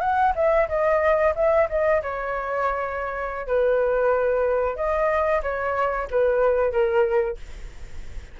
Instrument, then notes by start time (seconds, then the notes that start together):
flute
0.00 F#5
0.35 E5
0.68 D#5
1.35 E5
1.69 D#5
2.02 C#5
3.47 B4
4.76 D#5
5.42 C#5
6.11 B4
6.71 A#4